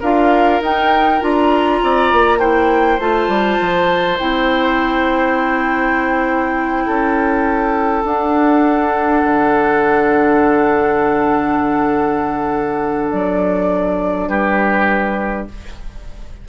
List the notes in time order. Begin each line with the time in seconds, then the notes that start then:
0.00 D4 F4 A#4 F5
0.61 D#4 G5
1.20 D4 F4 A#5
1.83 C4 D5
2.12 A#3
2.39 E4 C5 G5
2.99 A3 F4 A5
3.28 G3
3.60 F3
4.18 C4 E4 G5
6.86 C#4 A4
8.04 D4 F#5
9.24 D3
13.11 F#3 D5
14.28 G3 G4 B4